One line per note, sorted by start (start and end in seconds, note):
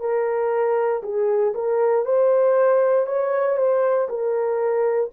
0.00 1.02 A#4
1.03 1.54 G#4
1.55 2.05 A#4
2.05 3.06 C5
3.06 3.57 C#5
3.57 4.08 C5
4.09 5.11 A#4